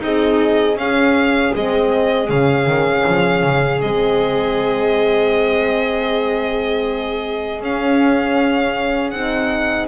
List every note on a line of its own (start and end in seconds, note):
0.00 0.76 C4
0.00 0.76 D#4
0.00 0.80 G#4
0.00 0.78 D#5
0.76 1.52 C#4
0.76 1.56 C#4
0.76 9.88 G#4
0.76 1.54 F5
1.55 2.29 G#3
1.55 2.28 C4
1.55 2.30 D#5
2.28 2.67 C#3
2.28 3.80 C#4
2.28 3.81 F5
2.67 3.05 D#3
3.07 3.44 F3
3.44 3.81 C#3
3.81 7.61 G#3
3.81 7.63 C4
3.81 7.61 D#5
7.61 9.12 C#4
7.61 9.14 C#4
7.61 9.11 F5
9.11 9.88 C4
9.11 9.88 D#4
9.11 9.87 F#5